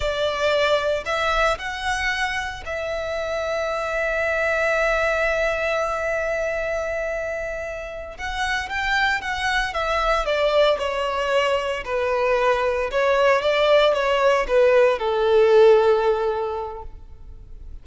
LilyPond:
\new Staff \with { instrumentName = "violin" } { \time 4/4 \tempo 4 = 114 d''2 e''4 fis''4~ | fis''4 e''2.~ | e''1~ | e''2.~ e''8 fis''8~ |
fis''8 g''4 fis''4 e''4 d''8~ | d''8 cis''2 b'4.~ | b'8 cis''4 d''4 cis''4 b'8~ | b'8 a'2.~ a'8 | }